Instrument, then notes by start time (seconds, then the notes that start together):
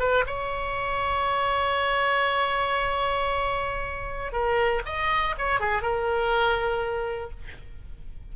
oboe
0.00 B4
0.27 C#5
4.33 A#4
4.86 D#5
5.38 C#5
5.60 G#4
5.82 A#4